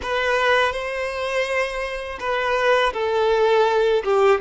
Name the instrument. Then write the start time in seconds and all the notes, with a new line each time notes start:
violin
0.02 B4
0.72 C5
2.19 B4
2.93 A4
4.03 G4